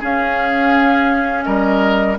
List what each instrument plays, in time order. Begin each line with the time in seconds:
0.00 clarinet C#4, bassoon C#4, oboe G#4, flute F5
1.44 bassoon G3, oboe A#4, flute D#5